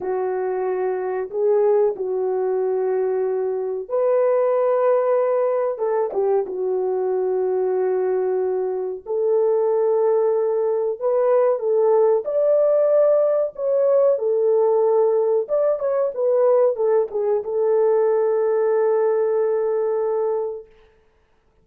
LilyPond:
\new Staff \with { instrumentName = "horn" } { \time 4/4 \tempo 4 = 93 fis'2 gis'4 fis'4~ | fis'2 b'2~ | b'4 a'8 g'8 fis'2~ | fis'2 a'2~ |
a'4 b'4 a'4 d''4~ | d''4 cis''4 a'2 | d''8 cis''8 b'4 a'8 gis'8 a'4~ | a'1 | }